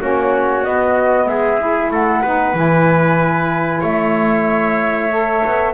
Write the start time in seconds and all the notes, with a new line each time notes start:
0.00 A#3 C#4 F#4 C#5
0.64 B3 D#5
1.26 G#3 G#4 E5
1.60 E4
1.90 A3 A4 F#5
2.21 B3 D#4 B4
2.54 E3 E4 G#5
3.80 A3 C#5 E5
5.11 A4
5.46 B3